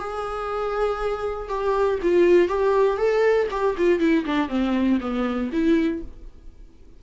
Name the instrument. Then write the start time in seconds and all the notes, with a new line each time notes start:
viola
0.00 G#4
1.50 G4
2.03 F4
2.49 G4
2.98 A4
3.51 G4
3.78 F4
4.00 E4
4.26 D4
4.49 C4
5.01 B3
5.53 E4